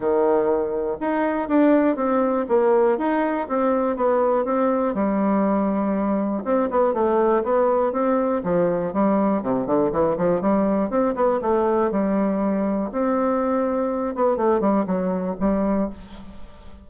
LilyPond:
\new Staff \with { instrumentName = "bassoon" } { \time 4/4 \tempo 4 = 121 dis2 dis'4 d'4 | c'4 ais4 dis'4 c'4 | b4 c'4 g2~ | g4 c'8 b8 a4 b4 |
c'4 f4 g4 c8 d8 | e8 f8 g4 c'8 b8 a4 | g2 c'2~ | c'8 b8 a8 g8 fis4 g4 | }